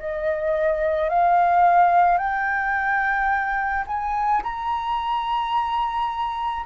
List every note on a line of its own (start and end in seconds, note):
0.00 1.10 D#5
1.10 2.18 F5
2.18 3.85 G5
3.88 4.43 G#5
4.43 6.66 A#5